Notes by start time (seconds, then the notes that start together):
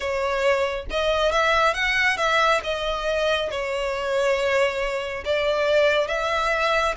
0.00 C#5
0.90 D#5
1.31 E5
1.74 F#5
2.17 E5
2.63 D#5
3.50 C#5
5.25 D5
6.07 E5